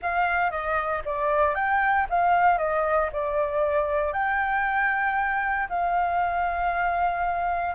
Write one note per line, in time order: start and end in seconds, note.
0.02 0.50 F5
0.50 1.02 D#5
1.05 1.54 D5
1.54 2.06 G5
2.09 2.57 F5
2.57 3.09 D#5
3.12 4.12 D5
4.12 5.68 G5
5.69 7.75 F5